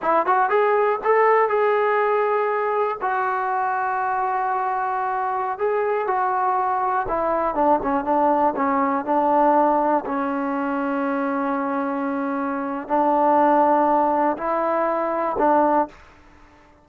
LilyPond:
\new Staff \with { instrumentName = "trombone" } { \time 4/4 \tempo 4 = 121 e'8 fis'8 gis'4 a'4 gis'4~ | gis'2 fis'2~ | fis'2.~ fis'16 gis'8.~ | gis'16 fis'2 e'4 d'8 cis'16~ |
cis'16 d'4 cis'4 d'4.~ d'16~ | d'16 cis'2.~ cis'8.~ | cis'2 d'2~ | d'4 e'2 d'4 | }